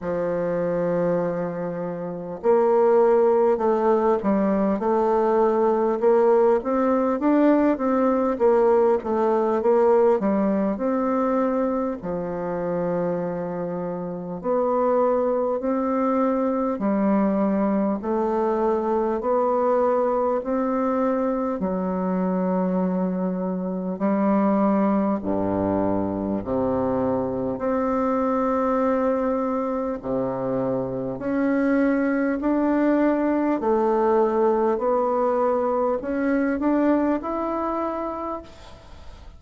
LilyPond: \new Staff \with { instrumentName = "bassoon" } { \time 4/4 \tempo 4 = 50 f2 ais4 a8 g8 | a4 ais8 c'8 d'8 c'8 ais8 a8 | ais8 g8 c'4 f2 | b4 c'4 g4 a4 |
b4 c'4 fis2 | g4 g,4 c4 c'4~ | c'4 c4 cis'4 d'4 | a4 b4 cis'8 d'8 e'4 | }